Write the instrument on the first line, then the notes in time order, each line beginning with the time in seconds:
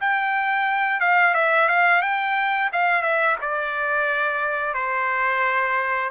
trumpet
0.00 G5
1.00 F5
1.34 E5
1.69 F5
2.02 G5
2.72 F5
3.02 E5
3.42 D5
4.74 C5